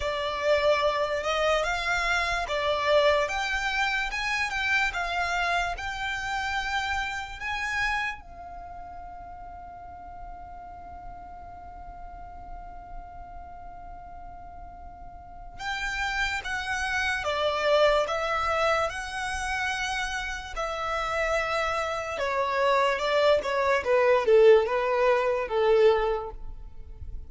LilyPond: \new Staff \with { instrumentName = "violin" } { \time 4/4 \tempo 4 = 73 d''4. dis''8 f''4 d''4 | g''4 gis''8 g''8 f''4 g''4~ | g''4 gis''4 f''2~ | f''1~ |
f''2. g''4 | fis''4 d''4 e''4 fis''4~ | fis''4 e''2 cis''4 | d''8 cis''8 b'8 a'8 b'4 a'4 | }